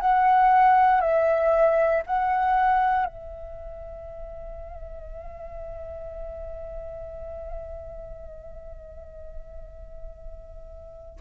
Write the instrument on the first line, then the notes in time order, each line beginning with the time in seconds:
flute
0.00 F#5
1.01 E5
2.06 F#5
3.06 E5